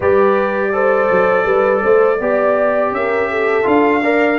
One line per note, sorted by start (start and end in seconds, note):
0.00 1.08 G3
0.00 0.72 G4
0.00 0.71 B4
0.00 2.94 D5
0.72 2.19 A4
0.72 1.45 C5
1.10 1.45 F#3
1.45 1.81 G3
1.45 1.82 B4
1.82 2.20 A3
1.82 2.19 C5
2.20 2.91 B3
2.20 3.63 G4
2.20 2.94 D5
2.91 3.64 C#4
2.91 3.29 A#4
2.91 3.67 E5
3.29 4.02 A4
3.63 4.38 D4
3.63 4.00 F4
3.63 4.38 F5
4.02 4.38 A#4
4.02 4.38 D5